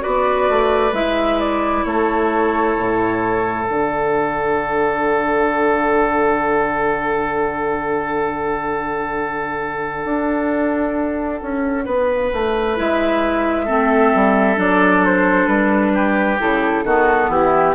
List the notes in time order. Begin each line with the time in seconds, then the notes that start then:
0.00 F#4 B4 D5
0.06 B3
0.49 A3
0.92 G#3 E4 E5
1.40 D5
1.84 A3 A4 C#5
2.78 A2
3.64 D3 D4 F#5
10.05 D4
11.42 C#4
11.85 B3 B4
12.33 A3
12.76 G#3 E4 E5
13.65 A3 C4 A4
14.15 G3
14.56 F#3 D4 D5
15.05 C5
15.47 G3 B4
15.94 G4
16.39 C#3 E4 A4
16.84 D#3 B3 F#4
17.28 E3 E4 G4